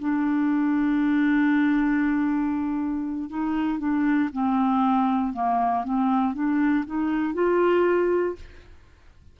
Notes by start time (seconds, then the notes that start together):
0.00 D4
3.30 D#4
3.79 D4
4.33 C4
5.33 A#3
5.84 C4
6.34 D4
6.86 D#4
7.34 F4